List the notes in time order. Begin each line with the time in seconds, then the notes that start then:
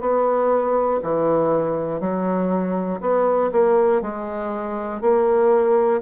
0.00 B3
1.02 E3
2.00 F#3
3.01 B3
3.52 A#3
4.02 G#3
5.01 A#3